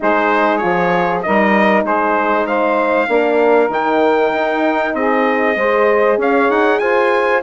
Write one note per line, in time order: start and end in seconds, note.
0.00 0.63 G#3
0.00 0.60 D#4
0.00 1.24 G#4
0.00 0.57 C5
0.57 1.25 F3
0.57 1.22 F4
0.57 1.19 C#5
1.22 1.84 G3
1.22 3.08 D#4
1.22 1.84 A#4
1.22 1.84 D#5
1.84 3.07 G#3
1.84 2.46 G#4
1.84 2.47 C5
2.46 3.08 C5
2.46 3.70 F5
3.08 3.68 A#3
3.08 3.70 D4
3.08 4.95 A#4
3.68 4.30 D#3
3.68 5.57 D#4
3.68 4.94 G5
4.33 4.93 D#4
4.93 5.55 C4
4.93 5.56 G#4
4.93 6.18 D#5
5.56 6.17 G#3
5.56 7.42 G#4
5.56 6.18 C5
6.17 6.48 C#4
6.17 6.79 C#5
6.17 6.50 F5
6.49 6.80 D#4
6.49 6.79 F#5
6.79 7.42 F4
6.79 7.42 C5
6.79 7.41 G#5